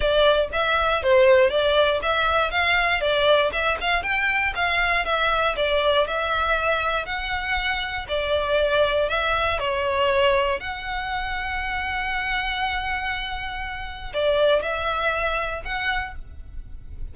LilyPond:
\new Staff \with { instrumentName = "violin" } { \time 4/4 \tempo 4 = 119 d''4 e''4 c''4 d''4 | e''4 f''4 d''4 e''8 f''8 | g''4 f''4 e''4 d''4 | e''2 fis''2 |
d''2 e''4 cis''4~ | cis''4 fis''2.~ | fis''1 | d''4 e''2 fis''4 | }